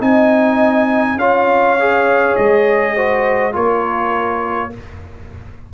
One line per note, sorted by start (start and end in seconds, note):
0.00 1.16 C4
0.00 1.18 D#4
0.00 1.19 D#5
0.00 1.19 G#5
1.16 2.34 C#4
1.16 1.79 F4
1.16 2.95 C#5
1.16 2.36 F5
1.80 2.97 G#4
2.36 3.56 G#3
2.36 3.54 D#5
2.95 3.52 F#4
2.95 3.54 C5
3.52 4.74 A#3
3.52 4.70 F4
3.52 4.73 A#4
3.52 4.73 C#5